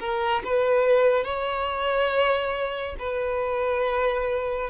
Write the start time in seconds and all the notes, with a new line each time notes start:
0.00 A#4
0.44 B4
1.24 C#5
2.99 B4